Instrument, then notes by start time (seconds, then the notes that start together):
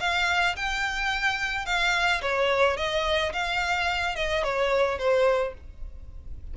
violin
0.00 F5
0.56 G5
1.65 F5
2.22 C#5
2.77 D#5
3.33 F5
4.15 D#5
4.43 C#5
4.98 C5